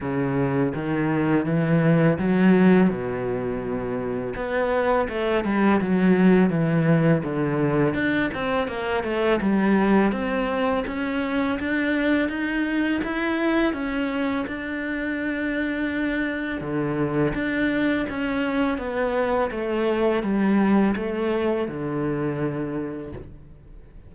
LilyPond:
\new Staff \with { instrumentName = "cello" } { \time 4/4 \tempo 4 = 83 cis4 dis4 e4 fis4 | b,2 b4 a8 g8 | fis4 e4 d4 d'8 c'8 | ais8 a8 g4 c'4 cis'4 |
d'4 dis'4 e'4 cis'4 | d'2. d4 | d'4 cis'4 b4 a4 | g4 a4 d2 | }